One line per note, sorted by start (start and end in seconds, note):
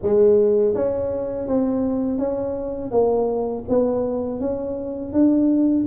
0.02 0.74 G#3
0.74 1.47 C#4
1.47 2.18 C4
2.18 2.91 C#4
2.91 3.64 A#3
3.69 4.40 B3
4.40 5.13 C#4
5.13 5.86 D4